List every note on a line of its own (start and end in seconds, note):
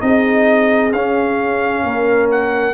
0.00 0.93 C4
0.00 0.91 D#4
0.00 1.84 G#4
0.00 0.92 D#5
0.93 1.84 C#4
0.93 2.74 C#4
0.93 2.29 F5
1.84 2.74 A#3
1.84 2.74 A#4
2.31 2.74 F#5